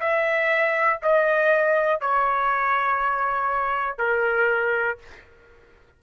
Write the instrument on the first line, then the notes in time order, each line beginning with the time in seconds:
trumpet
0.00 E5
1.02 D#5
2.00 C#5
3.98 A#4